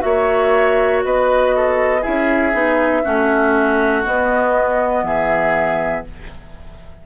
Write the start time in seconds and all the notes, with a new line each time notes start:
0.00 A#3 F#4 C#5 E5
1.04 B3 B4 D#5
1.55 A4
2.01 C#4 E4 G#4 E5
2.53 B3 D#4
3.04 A3 C#4 F#4
4.04 B3 D#5
5.02 E3 G#4 E5